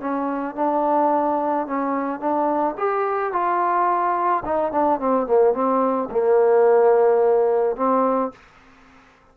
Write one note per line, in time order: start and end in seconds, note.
0.00 0.55 C#4
0.55 1.66 D4
1.66 2.19 C#4
2.19 2.75 D4
2.77 3.32 G4
3.32 4.43 F4
4.44 4.71 D#4
4.71 4.99 D4
4.99 5.26 C4
5.26 5.53 A#3
5.53 6.09 C4
6.11 7.76 A#3
7.76 8.32 C4